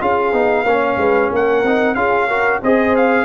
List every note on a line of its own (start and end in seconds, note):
0.00 0.32 C#4
0.00 0.33 F4
0.00 0.65 G#4
0.00 1.32 F5
0.32 0.64 B3
0.32 0.65 D#4
0.64 0.97 A#3
0.64 1.65 C#4
0.64 0.98 C#5
0.97 1.30 G#3
0.97 1.31 B4
1.31 1.63 A#3
1.31 1.96 A#4
1.31 1.94 F#5
1.63 1.95 C4
1.63 1.96 D#4
1.94 2.60 C#4
1.94 2.28 F4
1.94 2.28 G#4
1.94 2.60 F5
2.28 2.62 F#4
2.28 2.60 A#4
2.62 3.25 C4
2.62 3.25 G#4
2.62 3.25 C5
2.62 2.96 D#5
2.96 3.25 F5